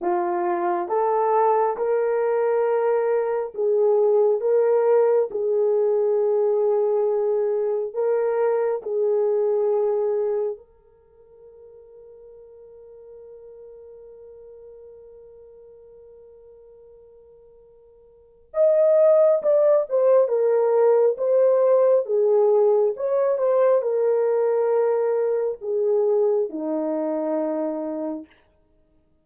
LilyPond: \new Staff \with { instrumentName = "horn" } { \time 4/4 \tempo 4 = 68 f'4 a'4 ais'2 | gis'4 ais'4 gis'2~ | gis'4 ais'4 gis'2 | ais'1~ |
ais'1~ | ais'4 dis''4 d''8 c''8 ais'4 | c''4 gis'4 cis''8 c''8 ais'4~ | ais'4 gis'4 dis'2 | }